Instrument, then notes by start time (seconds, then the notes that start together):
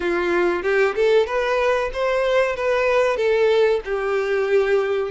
violin
0.00 F4
0.62 G4
0.95 A4
1.26 B4
1.93 C5
2.55 B4
3.16 A4
3.84 G4